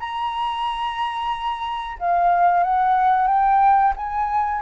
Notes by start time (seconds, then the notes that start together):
0.00 A#5
2.00 F5
2.63 F#5
3.28 G5
3.96 G#5